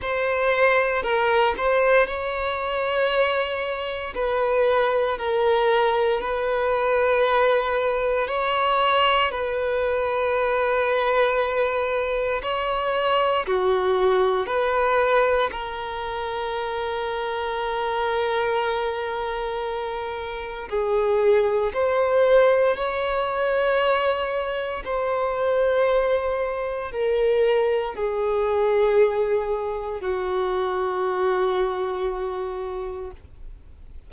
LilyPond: \new Staff \with { instrumentName = "violin" } { \time 4/4 \tempo 4 = 58 c''4 ais'8 c''8 cis''2 | b'4 ais'4 b'2 | cis''4 b'2. | cis''4 fis'4 b'4 ais'4~ |
ais'1 | gis'4 c''4 cis''2 | c''2 ais'4 gis'4~ | gis'4 fis'2. | }